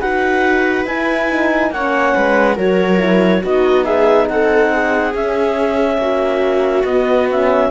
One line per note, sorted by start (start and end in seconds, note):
0.00 0.85 D#4
0.00 0.87 F#4
0.00 1.72 B4
0.00 0.86 F#5
0.85 1.70 E4
0.85 1.30 E4
0.85 1.72 G#5
1.30 1.73 D#4
1.70 2.13 A#3
1.70 2.56 C#4
1.70 2.15 C#5
1.70 2.58 F#5
2.15 2.58 G#3
2.15 2.56 B4
2.56 3.43 F#3
2.56 2.99 F#4
2.56 3.42 A#4
2.56 3.44 C#5
2.99 3.42 E4
3.42 4.30 B3
3.42 5.16 D#4
3.42 3.85 F#4
3.42 3.85 D#5
3.85 4.28 G#4
3.85 4.28 E5
4.29 5.14 C4
4.29 4.73 A4
4.29 5.15 F#5
4.73 6.01 G#4
5.14 5.98 C#4
5.14 6.87 C#4
5.14 6.85 E5
5.98 6.84 A#3
5.98 7.71 F#4
6.84 7.70 B3
6.84 7.31 B3
6.84 7.28 D#5
7.31 7.71 C#4
7.31 7.71 E5